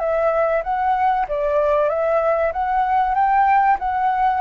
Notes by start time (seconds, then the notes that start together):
0.00 E5
0.64 F#5
1.29 D5
1.89 E5
2.53 F#5
3.15 G5
3.79 F#5